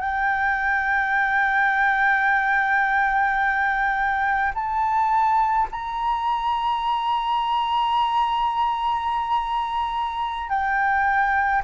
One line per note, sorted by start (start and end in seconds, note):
0.00 4.53 G5
4.54 5.68 A5
5.71 10.49 A#5
10.49 11.62 G5